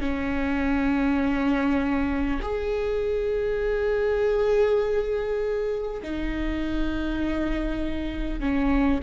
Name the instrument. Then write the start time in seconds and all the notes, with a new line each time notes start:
viola
0.00 C#4
2.42 G#4
6.03 D#4
8.40 C#4